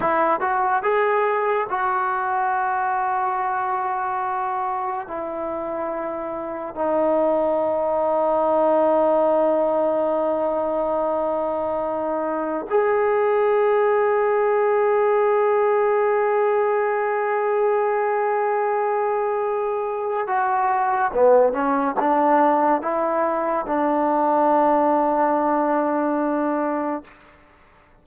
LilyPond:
\new Staff \with { instrumentName = "trombone" } { \time 4/4 \tempo 4 = 71 e'8 fis'8 gis'4 fis'2~ | fis'2 e'2 | dis'1~ | dis'2. gis'4~ |
gis'1~ | gis'1 | fis'4 b8 cis'8 d'4 e'4 | d'1 | }